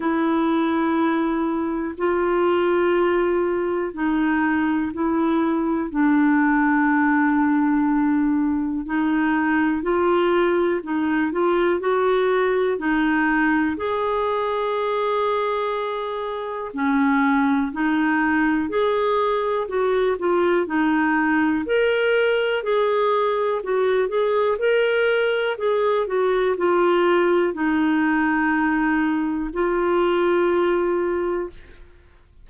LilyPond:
\new Staff \with { instrumentName = "clarinet" } { \time 4/4 \tempo 4 = 61 e'2 f'2 | dis'4 e'4 d'2~ | d'4 dis'4 f'4 dis'8 f'8 | fis'4 dis'4 gis'2~ |
gis'4 cis'4 dis'4 gis'4 | fis'8 f'8 dis'4 ais'4 gis'4 | fis'8 gis'8 ais'4 gis'8 fis'8 f'4 | dis'2 f'2 | }